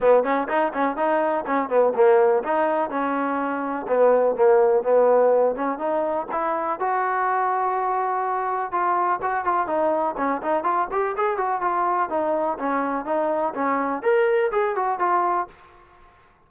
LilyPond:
\new Staff \with { instrumentName = "trombone" } { \time 4/4 \tempo 4 = 124 b8 cis'8 dis'8 cis'8 dis'4 cis'8 b8 | ais4 dis'4 cis'2 | b4 ais4 b4. cis'8 | dis'4 e'4 fis'2~ |
fis'2 f'4 fis'8 f'8 | dis'4 cis'8 dis'8 f'8 g'8 gis'8 fis'8 | f'4 dis'4 cis'4 dis'4 | cis'4 ais'4 gis'8 fis'8 f'4 | }